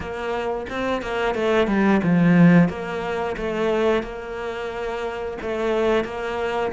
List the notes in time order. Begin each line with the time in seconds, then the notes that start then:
0.00 A#3
0.69 C4
1.02 A#3
1.34 A3
1.67 G3
2.03 F3
2.68 A#3
3.36 A3
4.03 A#3
5.41 A3
6.04 A#3